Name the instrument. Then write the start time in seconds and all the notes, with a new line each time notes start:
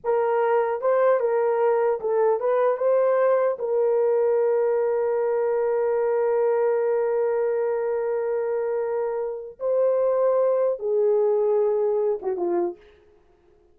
horn
0.04 A#4
0.81 C5
1.19 A#4
2.00 A4
2.40 B4
2.77 C5
3.59 A#4
9.59 C5
10.79 G#4
12.22 F#4
12.36 F4